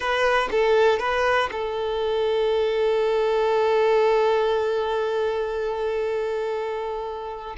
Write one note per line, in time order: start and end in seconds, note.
0.00 0.49 B4
0.51 0.99 A4
0.99 1.49 B4
1.51 7.56 A4